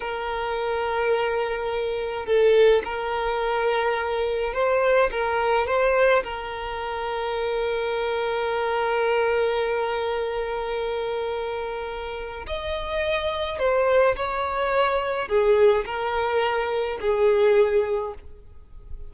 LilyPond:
\new Staff \with { instrumentName = "violin" } { \time 4/4 \tempo 4 = 106 ais'1 | a'4 ais'2. | c''4 ais'4 c''4 ais'4~ | ais'1~ |
ais'1~ | ais'2 dis''2 | c''4 cis''2 gis'4 | ais'2 gis'2 | }